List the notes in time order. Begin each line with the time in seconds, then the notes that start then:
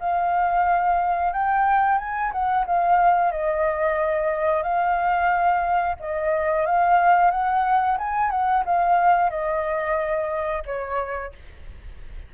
0.00 F5
1.33 G5
1.98 G#5
2.32 F#5
2.66 F5
3.32 D#5
4.63 F5
6.00 D#5
6.66 F5
7.31 F#5
7.98 G#5
8.31 F#5
8.65 F5
9.30 D#5
10.66 C#5